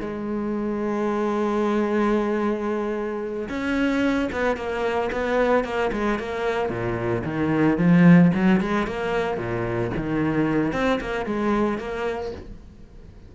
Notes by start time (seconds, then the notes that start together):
0.00 G#3
3.49 C#4
4.32 B3
4.56 A#3
5.12 B3
5.64 A#3
5.92 G#3
6.19 A#3
6.69 A#2
7.24 D#3
7.78 F3
8.34 F#3
8.60 G#3
8.87 A#3
9.37 A#2
9.96 D#3
10.72 C4
11.00 A#3
11.25 G#3
11.78 A#3